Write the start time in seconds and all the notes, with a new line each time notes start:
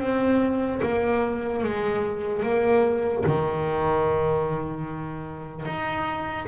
0.00 C4
0.83 A#3
1.64 G#3
2.43 A#3
3.26 D#3
5.65 D#4